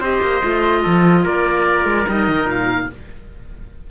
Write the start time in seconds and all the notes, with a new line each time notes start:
0.00 C4 G4 C5 D#5
0.22 A#3
0.42 A3 F4
0.83 F3 A4
1.24 A#3 A#4 D5
1.86 G#3
2.08 G3 D#4 D#5
2.28 D#3
2.45 A#2 F5